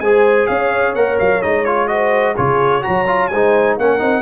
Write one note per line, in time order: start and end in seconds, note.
0.00 0.47 G#3
0.00 0.97 G#4
0.00 0.48 C5
0.00 0.47 G#5
0.47 0.95 C#4
0.47 1.89 C#5
0.47 0.93 F5
0.95 1.18 A#3
0.95 1.42 A#4
0.95 1.18 F#5
1.19 1.43 F#3
1.19 1.42 F5
1.42 2.38 G#3
1.42 1.66 D#4
1.42 1.64 D#5
1.64 1.88 F4
1.64 1.88 C#5
1.88 2.35 F#4
1.88 2.35 C5
1.88 2.34 D#5
2.35 2.85 C#3
2.35 2.81 F4
2.35 2.82 G#4
2.35 2.83 C#5
2.81 3.31 F#3
2.81 3.05 F#4
2.81 3.31 C#5
2.81 3.27 A#5
3.07 3.30 F4
3.27 3.77 G#3
3.27 3.76 C5
3.27 3.74 G#5
3.34 3.80 D#4
3.76 4.00 A#3
3.76 3.99 C#4
3.76 4.22 A#4
3.76 4.22 F#5
3.99 4.22 C4
3.99 4.22 D#4